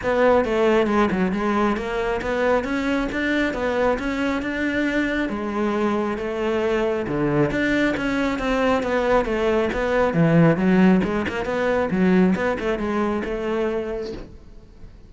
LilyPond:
\new Staff \with { instrumentName = "cello" } { \time 4/4 \tempo 4 = 136 b4 a4 gis8 fis8 gis4 | ais4 b4 cis'4 d'4 | b4 cis'4 d'2 | gis2 a2 |
d4 d'4 cis'4 c'4 | b4 a4 b4 e4 | fis4 gis8 ais8 b4 fis4 | b8 a8 gis4 a2 | }